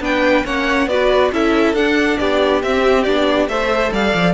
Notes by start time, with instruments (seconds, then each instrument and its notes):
0.00 cello B3, viola D4, violin B4 G5
0.44 cello A#3, viola C#4, violin C#5 F#5
0.87 cello B3, viola F#4, violin B4 D5
1.32 cello C#4, viola E4, violin A4 E5
1.73 cello D4, viola D4, violin F#5
2.18 cello B3, violin G4 D5
2.62 cello C4, viola C4, violin E5
3.03 cello B3, viola D4, violin D5
3.47 cello A3, viola A4, violin C5 E5
3.92 cello G3, violin D5 F5
4.14 cello F3